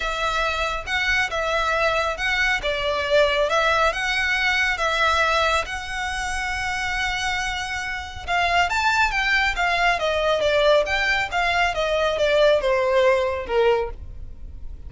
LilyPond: \new Staff \with { instrumentName = "violin" } { \time 4/4 \tempo 4 = 138 e''2 fis''4 e''4~ | e''4 fis''4 d''2 | e''4 fis''2 e''4~ | e''4 fis''2.~ |
fis''2. f''4 | a''4 g''4 f''4 dis''4 | d''4 g''4 f''4 dis''4 | d''4 c''2 ais'4 | }